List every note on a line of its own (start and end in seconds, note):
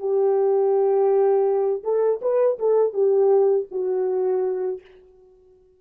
0.00 1.83 G4
1.84 2.21 A4
2.22 2.59 B4
2.59 2.94 A4
2.94 3.67 G4
3.72 4.81 F#4